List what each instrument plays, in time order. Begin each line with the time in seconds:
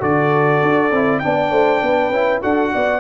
0.00 tuba D3, trombone F#4, horn A4, trumpet D5
0.62 tuba D4
0.91 tuba C4, trombone E4
1.19 tuba B3, trombone D4, horn D5, trumpet G5
1.51 tuba A3, horn C5
1.82 tuba B3, horn B4
2.10 tuba C#4, trombone E4
2.42 tuba D4, trombone F#4, horn A4, trumpet F#5
2.73 tuba B3, horn D5